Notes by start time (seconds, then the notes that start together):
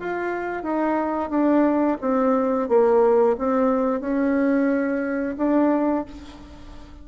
0.00 F4
0.63 D#4
1.31 D4
2.02 C4
2.69 A#3
3.39 C4
4.01 C#4
5.38 D4